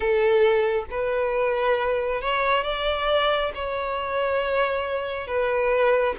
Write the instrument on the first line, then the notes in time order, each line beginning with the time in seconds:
violin
0.00 A4
0.90 B4
2.21 C#5
2.63 D5
3.54 C#5
5.27 B4